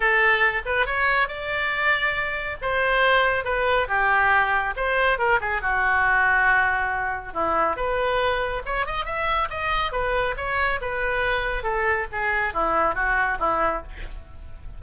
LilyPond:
\new Staff \with { instrumentName = "oboe" } { \time 4/4 \tempo 4 = 139 a'4. b'8 cis''4 d''4~ | d''2 c''2 | b'4 g'2 c''4 | ais'8 gis'8 fis'2.~ |
fis'4 e'4 b'2 | cis''8 dis''8 e''4 dis''4 b'4 | cis''4 b'2 a'4 | gis'4 e'4 fis'4 e'4 | }